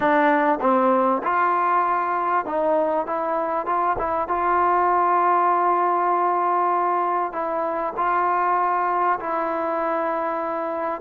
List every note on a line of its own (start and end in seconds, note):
0.00 0.59 D4
0.60 1.21 C4
1.23 2.45 F4
2.45 3.06 D#4
3.06 3.66 E4
3.66 3.96 F4
3.98 4.28 E4
4.28 7.32 F4
7.32 7.93 E4
7.96 9.19 F4
9.19 11.01 E4